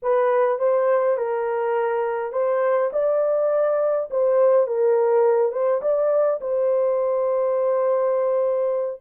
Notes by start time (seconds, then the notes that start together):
0.02 B4
0.58 C5
1.17 A#4
2.32 C5
2.93 D5
4.10 C5
4.67 A#4
5.52 C5
5.81 D5
6.40 C5